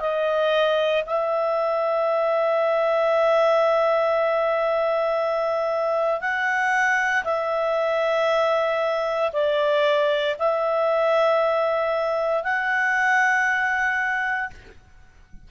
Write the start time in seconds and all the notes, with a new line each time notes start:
0.00 D#5
1.06 E5
6.21 F#5
7.25 E5
9.33 D5
10.39 E5
12.44 F#5